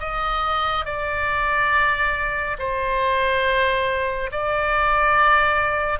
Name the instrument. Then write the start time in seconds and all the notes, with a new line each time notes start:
oboe
0.00 D#5
0.85 D5
2.59 C5
4.32 D5